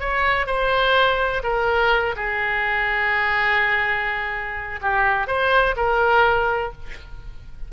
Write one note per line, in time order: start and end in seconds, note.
0.00 0.46 C#5
0.46 1.42 C5
1.43 2.15 A#4
2.16 4.80 G#4
4.82 5.27 G4
5.27 5.75 C5
5.76 6.72 A#4